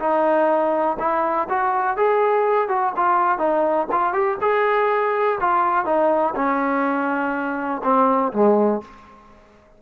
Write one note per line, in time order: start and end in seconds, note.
0.00 0.98 D#4
0.99 1.48 E4
1.49 1.97 F#4
1.97 2.69 G#4
2.69 2.93 F#4
2.97 3.39 F4
3.39 3.88 D#4
3.92 4.13 F4
4.13 4.38 G4
4.41 5.39 G#4
5.41 5.85 F4
5.85 6.34 D#4
6.36 7.82 C#4
7.84 8.33 C4
8.33 8.82 G#3